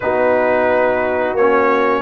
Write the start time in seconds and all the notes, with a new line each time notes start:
0.00 B3 D#4 F#4 B4
1.33 A#3 C#5
1.39 C#4